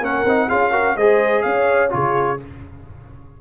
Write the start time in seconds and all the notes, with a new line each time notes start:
0.00 A#3 C#4 A#4 F#5
0.25 C4 D#4
0.48 C#4 F4 G#4 F5
0.71 F#4 A#4
0.96 G#3 G#4 C5 D#5
1.42 C#4 C#5 F5
1.90 C#3 F4 G#4 C#5